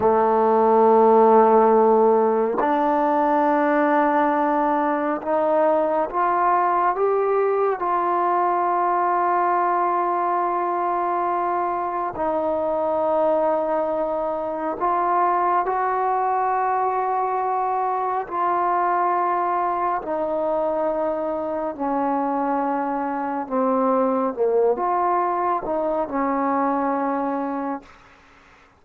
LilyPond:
\new Staff \with { instrumentName = "trombone" } { \time 4/4 \tempo 4 = 69 a2. d'4~ | d'2 dis'4 f'4 | g'4 f'2.~ | f'2 dis'2~ |
dis'4 f'4 fis'2~ | fis'4 f'2 dis'4~ | dis'4 cis'2 c'4 | ais8 f'4 dis'8 cis'2 | }